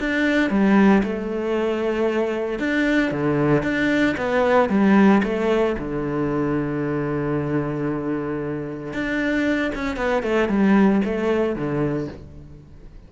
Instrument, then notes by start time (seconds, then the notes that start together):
cello
0.00 D4
0.50 G3
1.04 A3
2.60 D4
3.11 D3
3.63 D4
4.17 B3
4.69 G3
5.23 A3
5.79 D3
8.93 D4
9.75 C#4
9.97 B3
10.23 A3
10.49 G3
11.05 A3
11.56 D3